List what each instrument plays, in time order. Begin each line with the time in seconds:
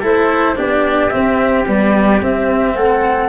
0.00 tuba A3, cello E4, trumpet A4, flute C5
0.55 tuba B3, cello D4, trumpet G4, flute D5
1.09 cello C4, tuba C4, flute E5
1.65 cello G3, tuba B3, flute D5
2.21 tuba C4, cello C4, flute E5
2.75 tuba A3, trumpet A4, flute F#5